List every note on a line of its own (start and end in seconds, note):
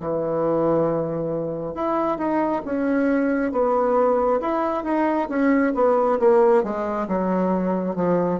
0.00 1.74 E3
1.74 2.17 E4
2.17 2.61 D#4
2.65 3.52 C#4
3.52 4.40 B3
4.40 4.84 E4
4.84 5.28 D#4
5.29 5.73 C#4
5.74 6.18 B3
6.19 6.63 A#3
6.63 7.07 G#3
7.07 7.95 F#3
7.95 8.39 F3